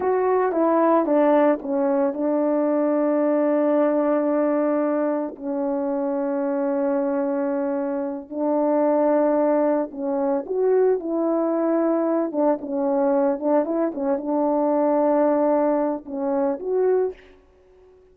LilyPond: \new Staff \with { instrumentName = "horn" } { \time 4/4 \tempo 4 = 112 fis'4 e'4 d'4 cis'4 | d'1~ | d'2 cis'2~ | cis'2.~ cis'8 d'8~ |
d'2~ d'8 cis'4 fis'8~ | fis'8 e'2~ e'8 d'8 cis'8~ | cis'4 d'8 e'8 cis'8 d'4.~ | d'2 cis'4 fis'4 | }